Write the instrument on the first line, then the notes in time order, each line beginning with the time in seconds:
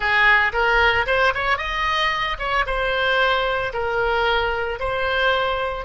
oboe
0.00 G#4
0.52 A#4
1.06 C5
1.34 C#5
1.57 D#5
2.38 C#5
2.66 C5
3.73 A#4
4.79 C5